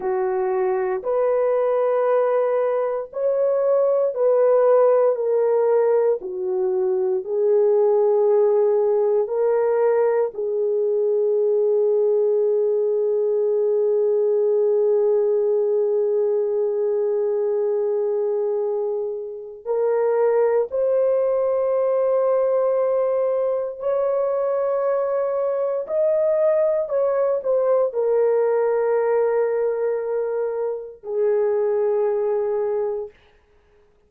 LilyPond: \new Staff \with { instrumentName = "horn" } { \time 4/4 \tempo 4 = 58 fis'4 b'2 cis''4 | b'4 ais'4 fis'4 gis'4~ | gis'4 ais'4 gis'2~ | gis'1~ |
gis'2. ais'4 | c''2. cis''4~ | cis''4 dis''4 cis''8 c''8 ais'4~ | ais'2 gis'2 | }